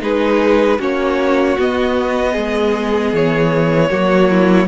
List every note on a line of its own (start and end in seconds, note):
0.00 0.79 G#3
0.00 0.78 D#4
0.00 0.79 G#4
0.00 0.81 B4
0.79 1.57 A#3
0.79 1.57 C#4
0.79 2.32 F#4
0.79 1.59 C#5
1.58 2.36 B3
1.58 3.90 B3
1.58 3.15 D#5
2.32 3.13 G#3
2.32 3.88 G#4
3.13 3.91 E3
3.13 4.67 C#5
3.90 4.67 F#3
3.90 4.67 A#3
3.90 4.29 F#4
4.29 4.67 E4